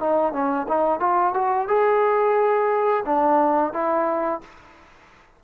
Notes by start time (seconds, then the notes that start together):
0.00 D#4
0.33 C#4
0.68 D#4
1.00 F4
1.34 F#4
1.68 G#4
3.05 D4
3.73 E4